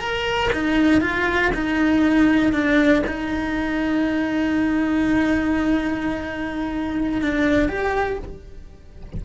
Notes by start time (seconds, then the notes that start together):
0.00 A#4
0.53 D#4
1.02 F4
1.54 D#4
2.53 D4
3.07 D#4
7.22 D4
7.69 G4